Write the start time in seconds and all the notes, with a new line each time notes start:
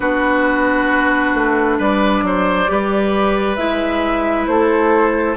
0.00 B3 D4 F#4 B4
1.34 A3
1.77 G3 B4 D5
2.23 F#3 C5
2.67 G3 G4 B4
3.56 G#3 E4 E5
4.46 A3 A4 C5